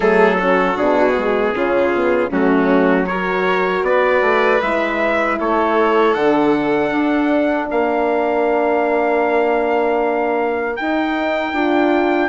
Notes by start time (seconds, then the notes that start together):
0.00 F#3 A3 G#4 A4
0.38 C#4 F#4
0.75 B2 D4 G#4
1.17 G#3
1.53 C#3 C#4 F4
1.95 B3
2.30 F#3 A3 C#4 F#4
3.06 F#4 A#4 C#5
3.82 B3 B4 D5
4.21 A3
4.61 G#3 E4 E5
5.38 A3 A4 C#5
6.13 D3 D4 F#5
6.91 D4
7.68 A#3 A#4 F5
10.76 D#4 G5
11.53 D4 F4